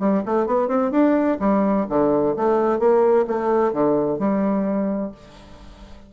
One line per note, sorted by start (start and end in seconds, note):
0.00 0.23 G3
0.26 0.47 A3
0.47 0.68 B3
0.68 0.92 C4
0.92 1.38 D4
1.40 1.86 G3
1.89 2.36 D3
2.37 2.79 A3
2.79 3.26 A#3
3.28 3.73 A3
3.73 4.19 D3
4.19 5.12 G3